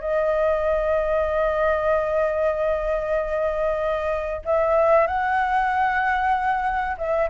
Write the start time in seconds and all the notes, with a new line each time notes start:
0.00 D#5
4.45 E5
5.07 F#5
6.98 E5